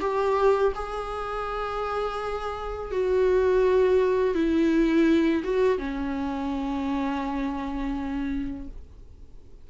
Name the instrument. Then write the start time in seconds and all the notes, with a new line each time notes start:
viola
0.00 G4
0.75 G#4
2.91 F#4
4.34 E4
5.44 F#4
5.78 C#4